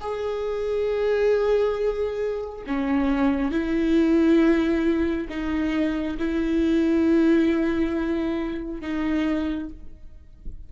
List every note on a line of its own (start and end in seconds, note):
0.00 2.65 G#4
2.66 3.51 C#4
3.51 5.28 E4
5.29 6.17 D#4
6.18 8.81 E4
8.81 9.69 D#4